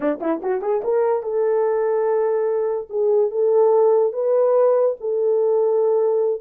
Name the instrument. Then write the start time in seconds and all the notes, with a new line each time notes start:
horn
0.00 D4
0.20 E4
0.42 F#4
0.61 G#4
0.84 A#4
1.22 A4
2.89 G#4
3.30 A4
4.13 B4
5.00 A4